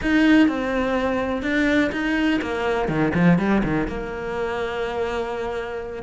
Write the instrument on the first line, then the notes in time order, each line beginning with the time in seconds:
cello
0.02 D#4
0.48 C4
1.42 D4
1.92 D#4
2.41 A#3
2.88 D#3
3.14 F3
3.38 G3
3.63 D#3
3.87 A#3